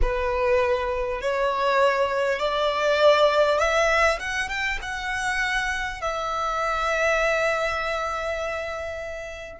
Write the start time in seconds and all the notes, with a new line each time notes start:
0.01 B4
1.21 C#5
2.39 D5
3.58 E5
4.19 F#5
4.48 G5
4.82 F#5
6.01 E5